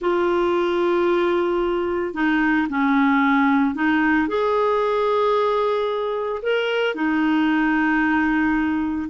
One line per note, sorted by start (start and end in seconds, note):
0.01 2.14 F4
2.14 2.67 D#4
2.69 3.75 C#4
3.75 4.27 D#4
4.27 6.42 G#4
6.42 6.94 A#4
6.94 9.09 D#4